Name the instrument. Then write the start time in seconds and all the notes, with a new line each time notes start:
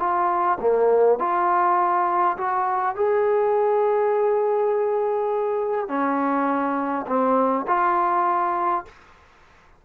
trombone
0.00 F4
0.61 A#3
1.20 F4
2.38 F#4
2.96 G#4
5.89 C#4
7.07 C4
7.68 F4